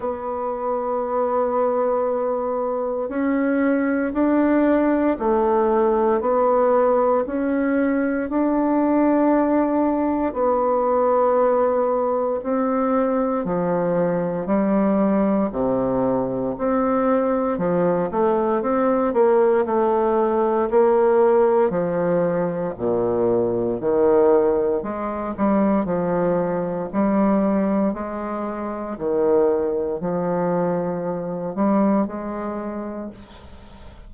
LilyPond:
\new Staff \with { instrumentName = "bassoon" } { \time 4/4 \tempo 4 = 58 b2. cis'4 | d'4 a4 b4 cis'4 | d'2 b2 | c'4 f4 g4 c4 |
c'4 f8 a8 c'8 ais8 a4 | ais4 f4 ais,4 dis4 | gis8 g8 f4 g4 gis4 | dis4 f4. g8 gis4 | }